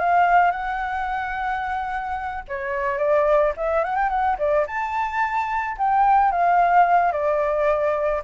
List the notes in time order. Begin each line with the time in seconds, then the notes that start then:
0.00 F5
0.52 F#5
2.48 C#5
2.98 D5
3.57 E5
3.85 F#5
3.96 G5
4.10 F#5
4.39 D5
4.67 A5
5.78 G5
6.32 F5
7.12 D5